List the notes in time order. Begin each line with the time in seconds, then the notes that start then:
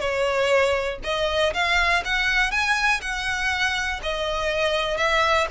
0.00 C#5
1.04 D#5
1.54 F5
2.05 F#5
2.52 G#5
3.02 F#5
4.03 D#5
4.98 E5